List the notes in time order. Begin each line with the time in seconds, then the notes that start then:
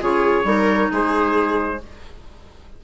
0.00 C#3 F4 G#4 C#5
0.44 G3 D#4 A#4
0.92 G#3 G#4 C5